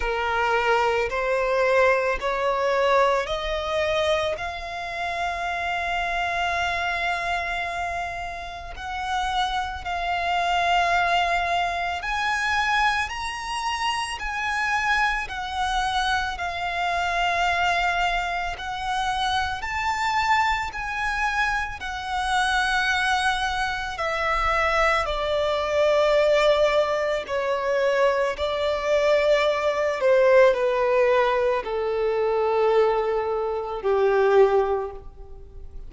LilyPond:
\new Staff \with { instrumentName = "violin" } { \time 4/4 \tempo 4 = 55 ais'4 c''4 cis''4 dis''4 | f''1 | fis''4 f''2 gis''4 | ais''4 gis''4 fis''4 f''4~ |
f''4 fis''4 a''4 gis''4 | fis''2 e''4 d''4~ | d''4 cis''4 d''4. c''8 | b'4 a'2 g'4 | }